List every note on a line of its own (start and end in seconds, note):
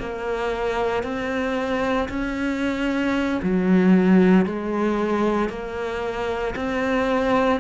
0.00 1.03 A#3
1.03 2.09 C4
2.09 3.40 C#4
3.43 4.45 F#3
4.45 5.49 G#3
5.49 6.55 A#3
6.56 7.60 C4